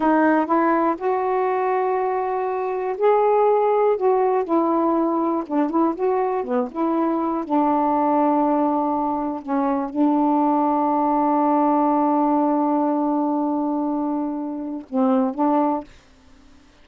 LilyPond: \new Staff \with { instrumentName = "saxophone" } { \time 4/4 \tempo 4 = 121 dis'4 e'4 fis'2~ | fis'2 gis'2 | fis'4 e'2 d'8 e'8 | fis'4 b8 e'4. d'4~ |
d'2. cis'4 | d'1~ | d'1~ | d'2 c'4 d'4 | }